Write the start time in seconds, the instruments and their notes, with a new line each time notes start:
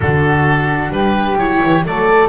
0.00 double bass D3, viola D4, flute F#4, oboe A4
0.89 double bass G3, flute G4, oboe B4
1.37 double bass F#3, viola E4, oboe C#5
1.65 double bass E3
1.84 double bass F#3, viola A3, flute A4, oboe D5